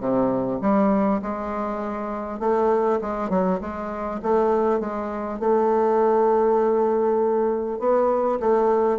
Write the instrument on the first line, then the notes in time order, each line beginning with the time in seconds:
bassoon
0.00 C3
0.61 G3
1.22 G#3
2.39 A3
3.01 G#3
3.29 F#3
3.61 G#3
4.22 A3
4.80 G#3
5.39 A3
7.79 B3
8.40 A3